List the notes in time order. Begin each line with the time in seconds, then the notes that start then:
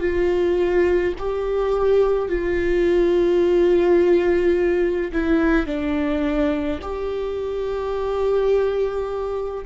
0.00 F4
1.18 G4
2.28 F4
5.11 E4
5.66 D4
6.81 G4